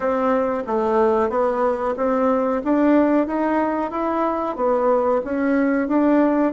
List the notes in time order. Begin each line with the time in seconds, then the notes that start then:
0.00 C4
0.66 A3
1.29 B3
1.97 C4
2.64 D4
3.26 D#4
3.90 E4
4.56 B3
5.24 C#4
5.88 D4